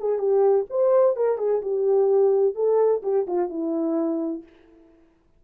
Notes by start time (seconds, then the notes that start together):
0.00 G#4
0.19 G4
0.70 C5
1.17 A#4
1.38 G#4
1.62 G4
2.55 A4
3.03 G4
3.27 F4
3.49 E4